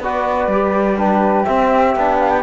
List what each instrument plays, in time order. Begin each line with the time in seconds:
0.00 cello B3, trombone F#4, flute B4 D5
0.47 cello G3, trombone G4
0.98 trombone D4, flute G4 B4
1.45 trombone C4, cello C4, flute E5
1.96 cello B3, trombone D4
2.20 flute F5
2.30 flute G5